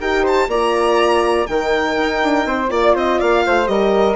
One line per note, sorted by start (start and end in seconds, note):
0.00 0.48 D#4
0.00 0.49 G4
0.00 0.22 A#4
0.00 0.25 G5
0.22 0.47 C5
0.22 0.50 A5
0.48 1.46 A#3
0.48 1.49 F4
0.48 1.48 D5
0.48 1.46 A#5
1.46 1.97 D#3
1.46 2.68 D#4
1.46 2.46 A#4
1.46 2.69 G5
1.97 2.21 D#4
2.22 2.45 D4
2.45 2.70 C4
2.45 2.70 C5
2.68 2.94 A#3
2.68 3.65 F4
2.68 2.94 D5
2.68 2.95 D5
2.94 3.19 C4
2.94 3.18 C5
2.94 3.20 D#5
3.18 3.46 A#3
3.18 3.43 D5
3.18 3.67 F5
3.46 3.68 A3
3.46 3.70 C5
3.65 4.15 G3
3.65 4.14 G4
3.65 4.15 A#4
3.65 4.15 D#5